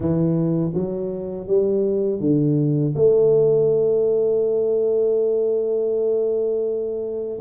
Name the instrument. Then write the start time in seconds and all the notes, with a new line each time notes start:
tuba
0.00 E3
0.73 F#3
1.47 G3
2.20 D3
2.95 A3